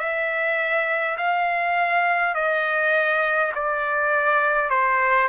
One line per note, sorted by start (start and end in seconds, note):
0.00 1.18 E5
1.18 2.35 F5
2.35 3.53 D#5
3.56 4.70 D5
4.70 5.29 C5